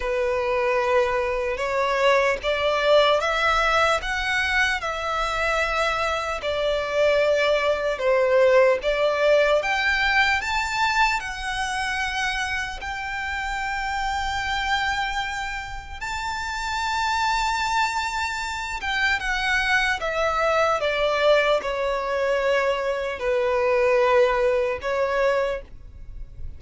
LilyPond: \new Staff \with { instrumentName = "violin" } { \time 4/4 \tempo 4 = 75 b'2 cis''4 d''4 | e''4 fis''4 e''2 | d''2 c''4 d''4 | g''4 a''4 fis''2 |
g''1 | a''2.~ a''8 g''8 | fis''4 e''4 d''4 cis''4~ | cis''4 b'2 cis''4 | }